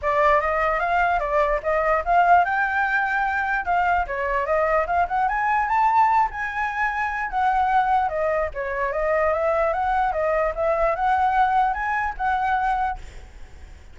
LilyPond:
\new Staff \with { instrumentName = "flute" } { \time 4/4 \tempo 4 = 148 d''4 dis''4 f''4 d''4 | dis''4 f''4 g''2~ | g''4 f''4 cis''4 dis''4 | f''8 fis''8 gis''4 a''4. gis''8~ |
gis''2 fis''2 | dis''4 cis''4 dis''4 e''4 | fis''4 dis''4 e''4 fis''4~ | fis''4 gis''4 fis''2 | }